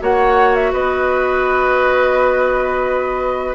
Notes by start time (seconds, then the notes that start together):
0.00 A#3 F#4 C#5 F#5
0.55 E5
0.72 B3 B4 D#5